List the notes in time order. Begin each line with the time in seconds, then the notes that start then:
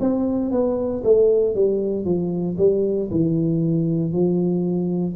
0.00 C4
0.51 B3
1.04 A3
1.55 G3
2.05 F3
2.58 G3
3.11 E3
4.12 F3